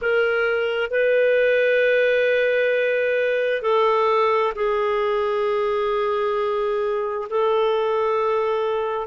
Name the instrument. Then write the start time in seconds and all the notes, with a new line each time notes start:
clarinet
0.01 A#4
0.90 B4
3.62 A4
4.55 G#4
7.29 A4